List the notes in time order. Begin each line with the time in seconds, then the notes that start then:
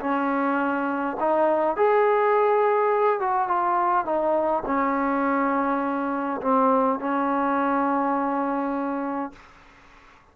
0.00 C#4
1.20 D#4
1.76 G#4
3.20 F#4
3.48 F4
4.05 D#4
4.66 C#4
6.41 C4
6.99 C#4